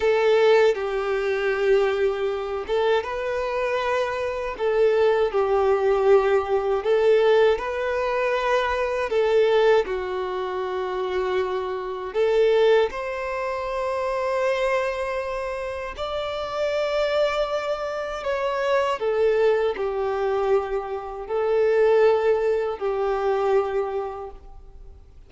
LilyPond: \new Staff \with { instrumentName = "violin" } { \time 4/4 \tempo 4 = 79 a'4 g'2~ g'8 a'8 | b'2 a'4 g'4~ | g'4 a'4 b'2 | a'4 fis'2. |
a'4 c''2.~ | c''4 d''2. | cis''4 a'4 g'2 | a'2 g'2 | }